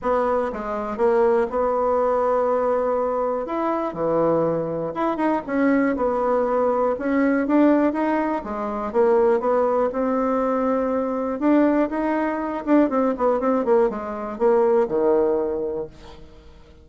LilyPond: \new Staff \with { instrumentName = "bassoon" } { \time 4/4 \tempo 4 = 121 b4 gis4 ais4 b4~ | b2. e'4 | e2 e'8 dis'8 cis'4 | b2 cis'4 d'4 |
dis'4 gis4 ais4 b4 | c'2. d'4 | dis'4. d'8 c'8 b8 c'8 ais8 | gis4 ais4 dis2 | }